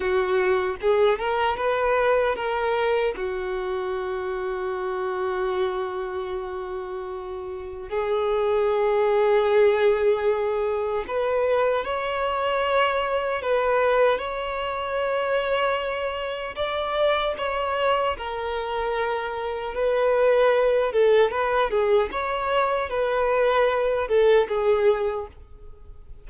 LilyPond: \new Staff \with { instrumentName = "violin" } { \time 4/4 \tempo 4 = 76 fis'4 gis'8 ais'8 b'4 ais'4 | fis'1~ | fis'2 gis'2~ | gis'2 b'4 cis''4~ |
cis''4 b'4 cis''2~ | cis''4 d''4 cis''4 ais'4~ | ais'4 b'4. a'8 b'8 gis'8 | cis''4 b'4. a'8 gis'4 | }